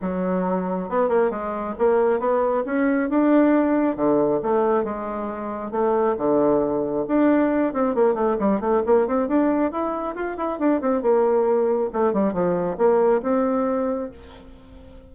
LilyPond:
\new Staff \with { instrumentName = "bassoon" } { \time 4/4 \tempo 4 = 136 fis2 b8 ais8 gis4 | ais4 b4 cis'4 d'4~ | d'4 d4 a4 gis4~ | gis4 a4 d2 |
d'4. c'8 ais8 a8 g8 a8 | ais8 c'8 d'4 e'4 f'8 e'8 | d'8 c'8 ais2 a8 g8 | f4 ais4 c'2 | }